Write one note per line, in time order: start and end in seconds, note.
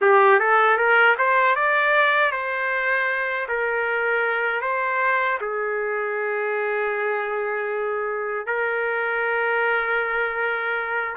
0.01 0.39 G4
0.39 0.77 A4
0.77 1.15 A#4
1.17 1.55 C5
1.55 2.31 D5
2.31 3.47 C5
3.48 4.61 A#4
4.61 5.38 C5
5.40 8.46 G#4
8.46 11.15 A#4